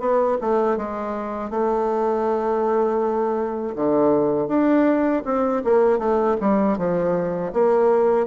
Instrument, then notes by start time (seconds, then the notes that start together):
bassoon
0.00 B3
0.41 A3
0.77 G#3
1.50 A3
3.75 D3
4.48 D4
5.25 C4
5.64 A#3
5.99 A3
6.41 G3
6.78 F3
7.53 A#3